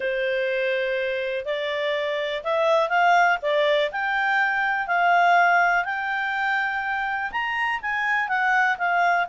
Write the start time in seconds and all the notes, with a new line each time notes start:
0.00 C5
1.45 D5
2.43 E5
2.89 F5
3.41 D5
3.91 G5
4.87 F5
5.84 G5
7.31 A#5
7.81 G#5
8.28 F#5
8.78 F5